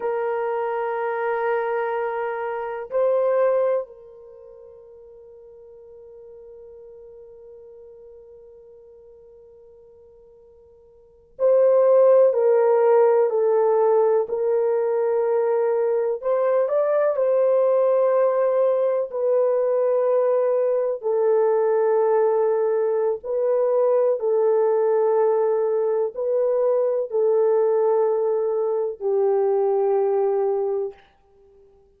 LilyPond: \new Staff \with { instrumentName = "horn" } { \time 4/4 \tempo 4 = 62 ais'2. c''4 | ais'1~ | ais'2.~ ais'8. c''16~ | c''8. ais'4 a'4 ais'4~ ais'16~ |
ais'8. c''8 d''8 c''2 b'16~ | b'4.~ b'16 a'2~ a'16 | b'4 a'2 b'4 | a'2 g'2 | }